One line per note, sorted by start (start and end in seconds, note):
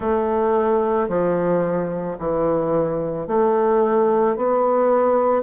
0.00 1.08 A3
1.08 2.17 F3
2.18 3.27 E3
3.27 4.36 A3
4.36 5.42 B3